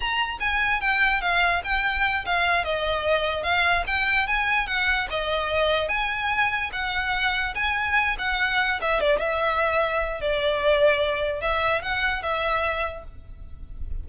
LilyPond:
\new Staff \with { instrumentName = "violin" } { \time 4/4 \tempo 4 = 147 ais''4 gis''4 g''4 f''4 | g''4. f''4 dis''4.~ | dis''8 f''4 g''4 gis''4 fis''8~ | fis''8 dis''2 gis''4.~ |
gis''8 fis''2 gis''4. | fis''4. e''8 d''8 e''4.~ | e''4 d''2. | e''4 fis''4 e''2 | }